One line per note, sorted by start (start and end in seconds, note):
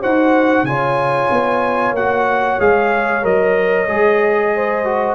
0.00 0.63 D#4
0.00 0.66 F#4
0.00 0.65 C5
0.00 0.65 F#5
0.63 1.27 C#3
0.63 1.96 F4
0.63 4.54 C#5
0.63 1.94 G#5
1.31 1.92 B3
1.92 2.56 A#3
1.92 2.60 F#4
1.92 2.60 F#5
2.60 3.24 G#3
2.60 3.22 G#4
2.60 3.24 F5
3.22 3.88 F#3
3.22 3.87 A#4
3.22 5.15 D#5
3.87 5.15 G#3
3.87 4.84 G#4
4.54 5.15 C5
4.84 5.15 F#4